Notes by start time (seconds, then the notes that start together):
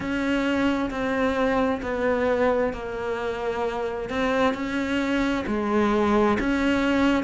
0.00 C#4
0.90 C4
1.82 B3
2.73 A#3
4.09 C4
4.54 C#4
5.47 G#3
6.39 C#4